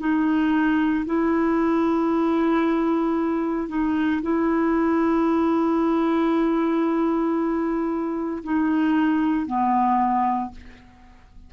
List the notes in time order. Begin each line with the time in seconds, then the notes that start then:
0.00 D#4
1.06 E4
3.69 D#4
4.22 E4
8.44 D#4
9.46 B3